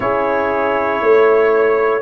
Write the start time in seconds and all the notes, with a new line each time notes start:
0.00 C#4 E4 G#4 C#5
1.01 A3 C#5